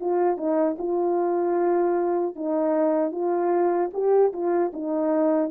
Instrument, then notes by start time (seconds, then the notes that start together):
horn
0.00 F4
0.37 D#4
0.78 F4
2.35 D#4
3.11 F4
3.93 G4
4.32 F4
4.73 D#4